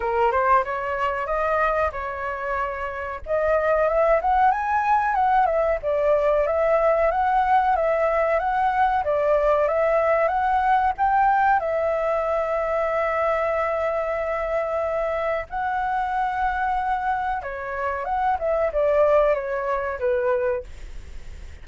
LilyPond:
\new Staff \with { instrumentName = "flute" } { \time 4/4 \tempo 4 = 93 ais'8 c''8 cis''4 dis''4 cis''4~ | cis''4 dis''4 e''8 fis''8 gis''4 | fis''8 e''8 d''4 e''4 fis''4 | e''4 fis''4 d''4 e''4 |
fis''4 g''4 e''2~ | e''1 | fis''2. cis''4 | fis''8 e''8 d''4 cis''4 b'4 | }